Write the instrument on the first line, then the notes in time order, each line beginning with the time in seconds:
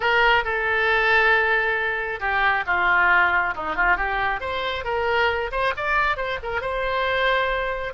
oboe
0.00 A#4
0.44 A4
2.19 G4
2.66 F4
3.55 D#4
3.75 F4
3.96 G4
4.40 C5
4.84 A#4
5.51 C5
5.77 D5
6.16 C5
6.42 A#4
6.61 C5